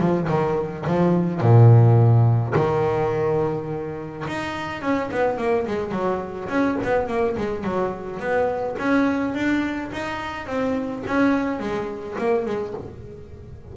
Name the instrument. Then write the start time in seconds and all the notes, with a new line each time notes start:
double bass
0.00 F3
0.29 D#3
0.87 F3
1.41 A#2
2.55 D#3
4.28 D#4
4.82 C#4
5.11 B3
5.38 A#3
5.67 G#3
5.92 F#3
6.49 C#4
6.84 B3
7.08 A#3
7.37 G#3
7.64 F#3
8.20 B3
8.79 C#4
9.34 D4
9.93 D#4
10.47 C4
11.07 C#4
11.60 G#3
12.19 A#3
12.46 G#3